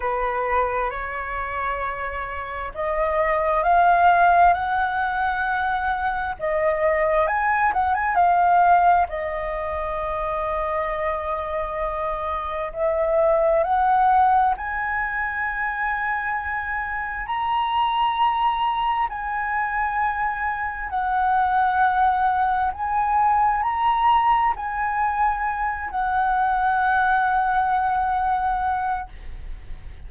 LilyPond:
\new Staff \with { instrumentName = "flute" } { \time 4/4 \tempo 4 = 66 b'4 cis''2 dis''4 | f''4 fis''2 dis''4 | gis''8 fis''16 gis''16 f''4 dis''2~ | dis''2 e''4 fis''4 |
gis''2. ais''4~ | ais''4 gis''2 fis''4~ | fis''4 gis''4 ais''4 gis''4~ | gis''8 fis''2.~ fis''8 | }